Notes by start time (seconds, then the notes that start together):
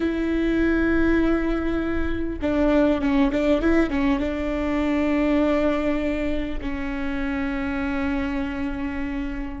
0.00 E4
2.41 D4
3.01 C#4
3.32 D4
3.61 E4
3.90 C#4
4.19 D4
6.61 C#4